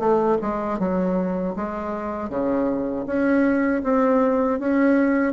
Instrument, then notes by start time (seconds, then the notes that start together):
bassoon
0.00 A3
0.42 G#3
0.79 F#3
1.56 G#3
2.30 C#3
3.07 C#4
3.84 C4
4.60 C#4